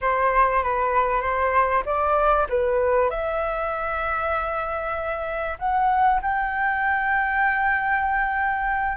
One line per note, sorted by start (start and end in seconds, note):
0.01 0.63 C5
0.63 1.21 B4
1.21 1.83 C5
1.85 2.47 D5
2.49 3.10 B4
3.10 5.57 E5
5.58 6.20 F#5
6.22 8.97 G5